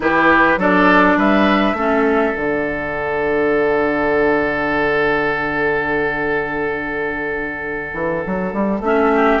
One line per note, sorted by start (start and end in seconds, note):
0.00 0.56 E3
0.00 0.58 E4
0.00 0.59 G4
0.00 0.59 B4
0.56 1.15 F#3
0.56 1.76 D4
0.56 1.17 A4
0.56 1.19 D5
1.17 1.73 G3
1.17 1.76 B4
1.17 2.36 E5
1.73 2.32 A3
1.73 2.33 C#4
1.73 9.12 A4
2.33 7.93 D3
2.33 8.80 D4
2.33 8.82 F#5
7.93 8.23 E3
8.26 8.53 F#3
8.53 8.80 G3
8.80 9.39 A3
8.80 9.40 C#4
8.80 9.40 E5
9.14 9.40 G4